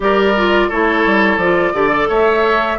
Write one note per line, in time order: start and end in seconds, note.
0.00 0.68 G3
0.00 0.34 G4
0.00 0.68 A#4
0.00 0.69 D5
0.36 0.71 F4
0.68 1.05 A3
0.68 1.41 E4
0.68 1.73 A4
0.68 1.37 C#5
1.05 1.37 G3
1.37 1.72 F3
1.37 1.74 F4
1.37 2.07 D5
1.73 2.08 D3
1.73 1.89 G4
1.73 2.08 D5
1.89 2.76 A4
2.08 2.78 A3
2.08 2.78 C#5
2.08 2.78 E5